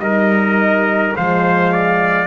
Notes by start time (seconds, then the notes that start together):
0.00 G3 D#4 A#4 D#5
1.17 F3 G#3 C5 F5
1.73 D5